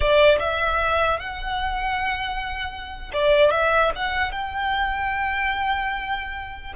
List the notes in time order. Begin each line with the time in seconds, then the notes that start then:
0.00 D5
0.39 E5
1.19 F#5
3.13 D5
3.50 E5
3.95 F#5
4.31 G5